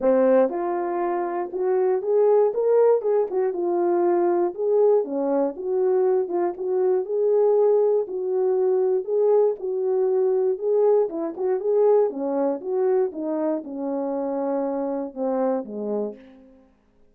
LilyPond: \new Staff \with { instrumentName = "horn" } { \time 4/4 \tempo 4 = 119 c'4 f'2 fis'4 | gis'4 ais'4 gis'8 fis'8 f'4~ | f'4 gis'4 cis'4 fis'4~ | fis'8 f'8 fis'4 gis'2 |
fis'2 gis'4 fis'4~ | fis'4 gis'4 e'8 fis'8 gis'4 | cis'4 fis'4 dis'4 cis'4~ | cis'2 c'4 gis4 | }